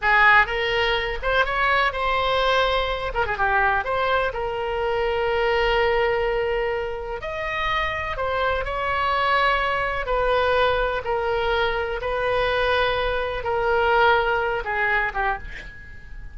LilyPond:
\new Staff \with { instrumentName = "oboe" } { \time 4/4 \tempo 4 = 125 gis'4 ais'4. c''8 cis''4 | c''2~ c''8 ais'16 gis'16 g'4 | c''4 ais'2.~ | ais'2. dis''4~ |
dis''4 c''4 cis''2~ | cis''4 b'2 ais'4~ | ais'4 b'2. | ais'2~ ais'8 gis'4 g'8 | }